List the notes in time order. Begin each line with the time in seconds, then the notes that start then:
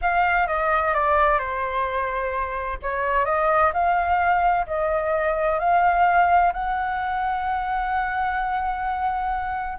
0.01 F5
0.47 D#5
0.94 D5
1.38 C5
2.82 C#5
3.25 D#5
3.73 F5
4.66 D#5
5.59 F5
6.53 F#5